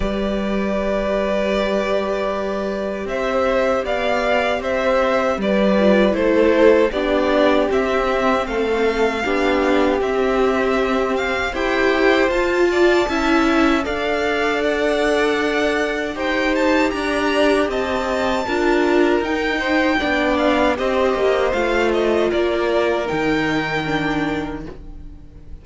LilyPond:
<<
  \new Staff \with { instrumentName = "violin" } { \time 4/4 \tempo 4 = 78 d''1 | e''4 f''4 e''4 d''4 | c''4 d''4 e''4 f''4~ | f''4 e''4. f''8 g''4 |
a''2 f''4 fis''4~ | fis''4 g''8 a''8 ais''4 a''4~ | a''4 g''4. f''8 dis''4 | f''8 dis''8 d''4 g''2 | }
  \new Staff \with { instrumentName = "violin" } { \time 4/4 b'1 | c''4 d''4 c''4 b'4 | a'4 g'2 a'4 | g'2. c''4~ |
c''8 d''8 e''4 d''2~ | d''4 c''4 d''4 dis''4 | ais'4. c''8 d''4 c''4~ | c''4 ais'2. | }
  \new Staff \with { instrumentName = "viola" } { \time 4/4 g'1~ | g'2.~ g'8 f'8 | e'4 d'4 c'2 | d'4 c'2 g'4 |
f'4 e'4 a'2~ | a'4 g'2. | f'4 dis'4 d'4 g'4 | f'2 dis'4 d'4 | }
  \new Staff \with { instrumentName = "cello" } { \time 4/4 g1 | c'4 b4 c'4 g4 | a4 b4 c'4 a4 | b4 c'2 e'4 |
f'4 cis'4 d'2~ | d'4 dis'4 d'4 c'4 | d'4 dis'4 b4 c'8 ais8 | a4 ais4 dis2 | }
>>